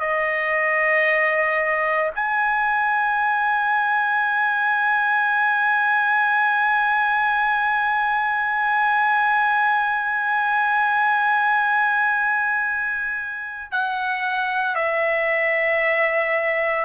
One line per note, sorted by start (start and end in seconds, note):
0.00 2.11 D#5
2.15 13.72 G#5
13.72 14.76 F#5
14.76 16.85 E5